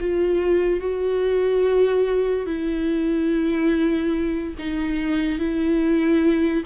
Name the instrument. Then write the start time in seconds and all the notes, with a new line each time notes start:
viola
0.00 F4
0.80 F#4
2.46 E4
4.58 D#4
5.39 E4